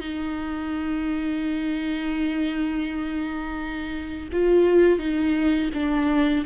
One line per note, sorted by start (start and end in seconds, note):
0.00 4.29 D#4
4.32 4.99 F4
4.99 5.70 D#4
5.73 6.45 D4